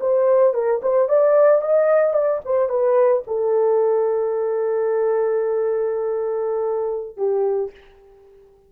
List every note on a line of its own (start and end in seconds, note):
0.00 0.53 C5
0.53 0.80 A#4
0.82 1.08 C5
1.08 1.61 D5
1.61 2.13 D#5
2.13 2.40 D5
2.45 2.69 C5
2.69 3.23 B4
3.27 7.17 A4
7.17 7.71 G4